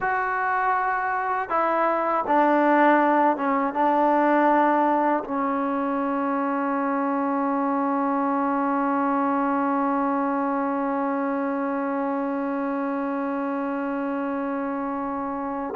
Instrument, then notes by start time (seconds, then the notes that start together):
trombone
0.00 F#4
1.49 E4
2.27 D4
3.36 C#4
3.73 D4
5.24 C#4